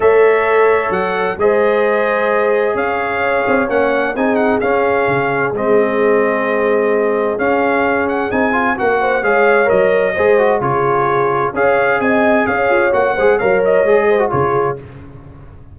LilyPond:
<<
  \new Staff \with { instrumentName = "trumpet" } { \time 4/4 \tempo 4 = 130 e''2 fis''4 dis''4~ | dis''2 f''2 | fis''4 gis''8 fis''8 f''2 | dis''1 |
f''4. fis''8 gis''4 fis''4 | f''4 dis''2 cis''4~ | cis''4 f''4 gis''4 f''4 | fis''4 f''8 dis''4. cis''4 | }
  \new Staff \with { instrumentName = "horn" } { \time 4/4 cis''2. c''4~ | c''2 cis''2~ | cis''4 gis'2.~ | gis'1~ |
gis'2. ais'8 c''8 | cis''2 c''4 gis'4~ | gis'4 cis''4 dis''4 cis''4~ | cis''8 c''8 cis''4. c''8 gis'4 | }
  \new Staff \with { instrumentName = "trombone" } { \time 4/4 a'2. gis'4~ | gis'1 | cis'4 dis'4 cis'2 | c'1 |
cis'2 dis'8 f'8 fis'4 | gis'4 ais'4 gis'8 fis'8 f'4~ | f'4 gis'2. | fis'8 gis'8 ais'4 gis'8. fis'16 f'4 | }
  \new Staff \with { instrumentName = "tuba" } { \time 4/4 a2 fis4 gis4~ | gis2 cis'4. c'8 | ais4 c'4 cis'4 cis4 | gis1 |
cis'2 c'4 ais4 | gis4 fis4 gis4 cis4~ | cis4 cis'4 c'4 cis'8 f'8 | ais8 gis8 fis4 gis4 cis4 | }
>>